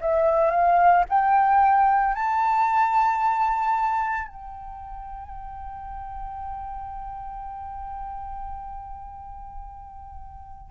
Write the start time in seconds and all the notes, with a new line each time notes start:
0.00 E5
0.50 F5
1.09 G5
2.14 A5
4.28 G5